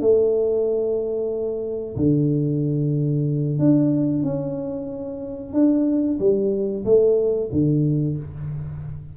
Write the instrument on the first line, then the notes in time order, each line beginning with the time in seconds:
tuba
0.00 A3
1.96 D3
3.59 D4
4.23 C#4
5.53 D4
6.19 G3
6.85 A3
7.52 D3